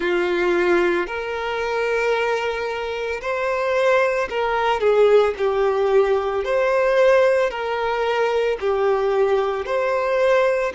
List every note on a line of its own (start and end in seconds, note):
0.00 1.06 F4
1.06 3.20 A#4
3.21 4.28 C5
4.29 4.80 A#4
4.80 5.34 G#4
5.37 6.44 G4
6.44 7.50 C5
7.50 8.57 A#4
8.60 9.65 G4
9.65 10.72 C5